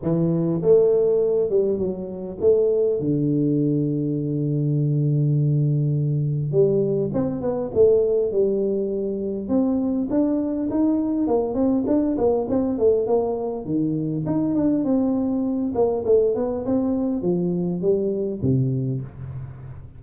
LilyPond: \new Staff \with { instrumentName = "tuba" } { \time 4/4 \tempo 4 = 101 e4 a4. g8 fis4 | a4 d2.~ | d2. g4 | c'8 b8 a4 g2 |
c'4 d'4 dis'4 ais8 c'8 | d'8 ais8 c'8 a8 ais4 dis4 | dis'8 d'8 c'4. ais8 a8 b8 | c'4 f4 g4 c4 | }